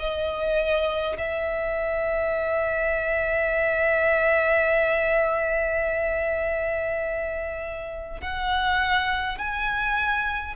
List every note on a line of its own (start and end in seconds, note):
0.00 1.18 D#5
1.18 8.21 E5
8.21 9.39 F#5
9.39 10.56 G#5